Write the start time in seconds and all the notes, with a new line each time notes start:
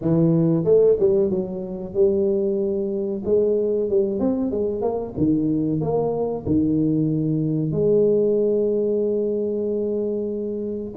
0.01 E3
0.64 A3
0.99 G3
1.30 F#3
1.94 G3
3.25 G#3
3.89 G3
4.19 C4
4.51 G#3
4.81 A#3
5.17 D#3
5.80 A#3
6.46 D#3
7.71 G#3